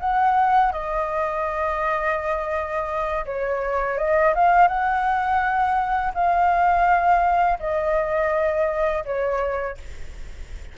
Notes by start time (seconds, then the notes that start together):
0.00 F#5
0.72 D#5
3.25 C#5
3.98 D#5
4.35 F5
4.68 F#5
6.14 F5
7.59 D#5
9.05 C#5